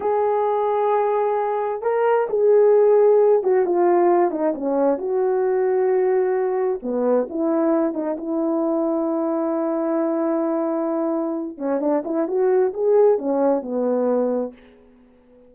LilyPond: \new Staff \with { instrumentName = "horn" } { \time 4/4 \tempo 4 = 132 gis'1 | ais'4 gis'2~ gis'8 fis'8 | f'4. dis'8 cis'4 fis'4~ | fis'2. b4 |
e'4. dis'8 e'2~ | e'1~ | e'4. cis'8 d'8 e'8 fis'4 | gis'4 cis'4 b2 | }